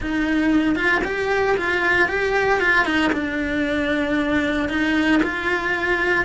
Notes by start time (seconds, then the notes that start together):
0.00 D#4
0.75 F4
1.04 G4
1.57 F4
2.08 G4
2.59 F4
2.85 D#4
3.12 D4
4.69 D#4
5.22 F4